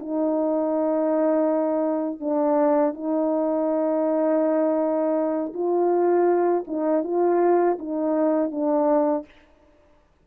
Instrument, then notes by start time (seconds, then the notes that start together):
horn
0.00 D#4
2.20 D4
2.95 D#4
5.54 F4
6.68 D#4
7.04 F4
7.79 D#4
8.52 D4